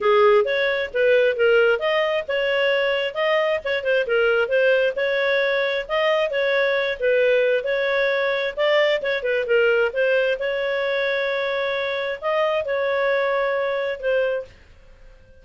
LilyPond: \new Staff \with { instrumentName = "clarinet" } { \time 4/4 \tempo 4 = 133 gis'4 cis''4 b'4 ais'4 | dis''4 cis''2 dis''4 | cis''8 c''8 ais'4 c''4 cis''4~ | cis''4 dis''4 cis''4. b'8~ |
b'4 cis''2 d''4 | cis''8 b'8 ais'4 c''4 cis''4~ | cis''2. dis''4 | cis''2. c''4 | }